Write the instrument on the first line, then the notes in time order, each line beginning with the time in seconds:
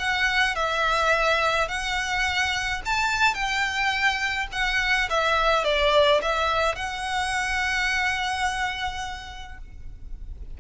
violin
0.00 F#5
0.56 E5
1.69 F#5
2.86 A5
3.35 G5
4.53 F#5
5.10 E5
5.65 D5
6.22 E5
6.76 F#5